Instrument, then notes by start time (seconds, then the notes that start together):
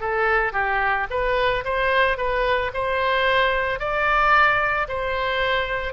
oboe
0.00 A4
0.53 G4
1.10 B4
1.65 C5
2.17 B4
2.73 C5
3.79 D5
4.88 C5